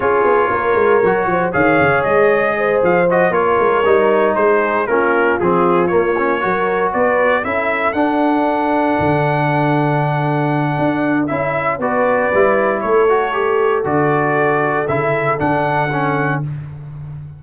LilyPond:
<<
  \new Staff \with { instrumentName = "trumpet" } { \time 4/4 \tempo 4 = 117 cis''2. f''4 | dis''4. f''8 dis''8 cis''4.~ | cis''8 c''4 ais'4 gis'4 cis''8~ | cis''4. d''4 e''4 fis''8~ |
fis''1~ | fis''2 e''4 d''4~ | d''4 cis''2 d''4~ | d''4 e''4 fis''2 | }
  \new Staff \with { instrumentName = "horn" } { \time 4/4 gis'4 ais'4. c''8 cis''4~ | cis''4 c''4. ais'4.~ | ais'8 gis'4 f'2~ f'8~ | f'8 ais'4 b'4 a'4.~ |
a'1~ | a'2. b'4~ | b'4 a'2.~ | a'1 | }
  \new Staff \with { instrumentName = "trombone" } { \time 4/4 f'2 fis'4 gis'4~ | gis'2 fis'8 f'4 dis'8~ | dis'4. cis'4 c'4 ais8 | cis'8 fis'2 e'4 d'8~ |
d'1~ | d'2 e'4 fis'4 | e'4. fis'8 g'4 fis'4~ | fis'4 e'4 d'4 cis'4 | }
  \new Staff \with { instrumentName = "tuba" } { \time 4/4 cis'8 b8 ais8 gis8 fis8 f8 dis8 cis8 | gis4. f4 ais8 gis8 g8~ | g8 gis4 ais4 f4 ais8~ | ais8 fis4 b4 cis'4 d'8~ |
d'4. d2~ d8~ | d4 d'4 cis'4 b4 | g4 a2 d4~ | d4 cis4 d2 | }
>>